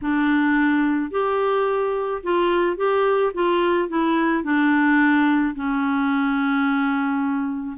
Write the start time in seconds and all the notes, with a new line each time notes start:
0.01 D4
1.10 G4
2.23 F4
2.76 G4
3.34 F4
3.89 E4
4.43 D4
5.55 C#4